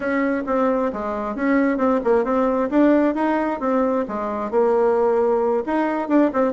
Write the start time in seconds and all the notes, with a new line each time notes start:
0.00 C#4
0.46 C4
0.92 G#3
1.35 C#4
1.77 C4
2.04 A#3
2.24 C4
2.70 D4
3.15 D#4
3.60 C4
4.07 G#3
4.50 A#3
5.66 D#4
6.08 D4
6.33 C4